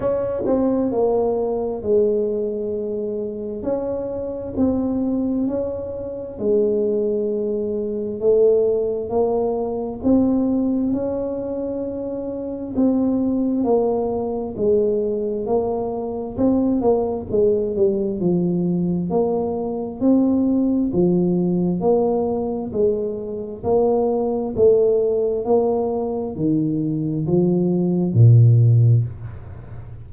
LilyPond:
\new Staff \with { instrumentName = "tuba" } { \time 4/4 \tempo 4 = 66 cis'8 c'8 ais4 gis2 | cis'4 c'4 cis'4 gis4~ | gis4 a4 ais4 c'4 | cis'2 c'4 ais4 |
gis4 ais4 c'8 ais8 gis8 g8 | f4 ais4 c'4 f4 | ais4 gis4 ais4 a4 | ais4 dis4 f4 ais,4 | }